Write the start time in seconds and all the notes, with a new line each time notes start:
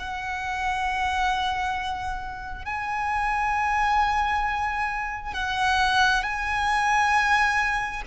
0.00 F#5
2.65 G#5
5.34 F#5
6.24 G#5